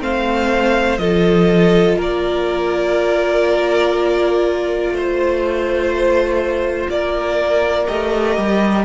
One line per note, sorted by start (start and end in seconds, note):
0.00 0.99 A3
0.00 0.98 C4
0.00 1.01 C5
0.00 0.99 F5
0.99 1.96 F3
0.99 7.88 F4
0.99 1.99 A4
0.99 1.97 D#5
1.96 4.91 A#3
1.96 4.94 A#4
1.96 4.97 D5
4.91 6.88 A3
4.91 6.91 C5
4.98 6.90 C5
6.89 7.88 A#3
6.89 8.86 A#4
6.89 7.88 D5
7.88 8.38 A3
7.88 8.86 G4
7.88 8.86 D#5
8.38 8.86 G3